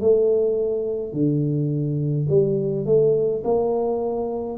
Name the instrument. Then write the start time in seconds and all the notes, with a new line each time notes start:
tuba
0.00 A3
1.12 D3
2.29 G3
2.85 A3
3.44 A#3